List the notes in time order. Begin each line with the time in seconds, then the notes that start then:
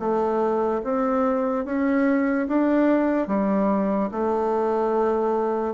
0.00 A3
0.84 C4
1.66 C#4
2.48 D4
3.28 G3
4.12 A3